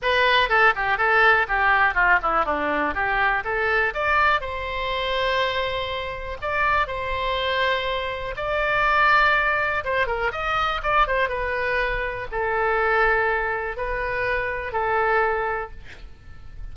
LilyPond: \new Staff \with { instrumentName = "oboe" } { \time 4/4 \tempo 4 = 122 b'4 a'8 g'8 a'4 g'4 | f'8 e'8 d'4 g'4 a'4 | d''4 c''2.~ | c''4 d''4 c''2~ |
c''4 d''2. | c''8 ais'8 dis''4 d''8 c''8 b'4~ | b'4 a'2. | b'2 a'2 | }